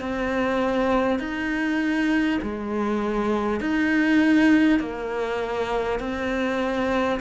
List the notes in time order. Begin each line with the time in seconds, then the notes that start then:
0.00 C4
1.19 D#4
2.42 G#3
3.61 D#4
4.80 A#3
5.99 C4